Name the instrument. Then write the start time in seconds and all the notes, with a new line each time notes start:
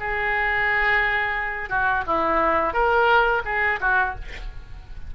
oboe
0.00 G#4
1.70 F#4
2.07 E4
2.74 A#4
3.45 G#4
3.81 F#4